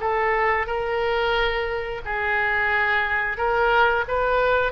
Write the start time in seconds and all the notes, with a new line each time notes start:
0.00 A4
0.66 A#4
2.04 G#4
3.37 A#4
4.08 B4